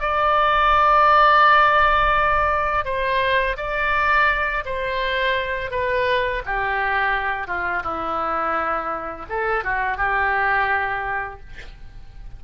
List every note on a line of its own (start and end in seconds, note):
0.00 2.85 D5
2.85 3.56 C5
3.57 4.64 D5
4.65 5.71 C5
5.71 6.42 B4
6.45 7.47 G4
7.47 7.82 F4
7.83 9.26 E4
9.29 9.64 A4
9.64 9.97 F#4
9.97 11.40 G4